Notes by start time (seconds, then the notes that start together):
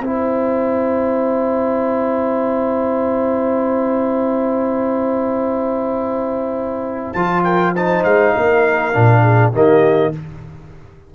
0.00 C4 E4 C5 G5
7.13 F3 F4 A5
7.43 A#4 G5
7.75 D#4 C5 A5
8.04 G#3 F5
8.35 A#3 A#4
8.93 A#2 D4
9.22 G#4
9.52 D#3 A#3 G4 D#5